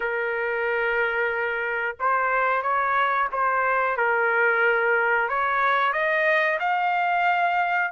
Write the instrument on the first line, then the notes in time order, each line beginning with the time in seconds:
trumpet
0.00 A#4
1.99 C5
2.62 C#5
3.31 C5
3.97 A#4
5.28 C#5
5.93 D#5
6.59 F5